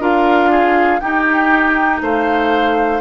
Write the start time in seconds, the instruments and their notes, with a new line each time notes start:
0.00 bassoon D4, clarinet F4, oboe A#4, flute F5
0.51 oboe G#4
1.00 clarinet D#4, bassoon D#4, oboe G4, flute G5
2.02 bassoon A3, oboe C5, flute F5